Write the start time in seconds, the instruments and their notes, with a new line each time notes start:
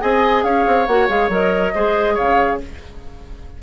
0.00 bassoon C4, clarinet G#4, oboe D#5, flute G#5
0.44 bassoon C#4, oboe C#5, flute F5
0.67 bassoon C4
0.86 bassoon A#3, clarinet F#4, flute F#5
1.09 bassoon G#3, clarinet G#4, flute F5
1.29 bassoon F#3, clarinet A#4, flute D#5
1.74 bassoon G#3, clarinet G#4, oboe C5
2.14 bassoon C#3, oboe C#5, flute F5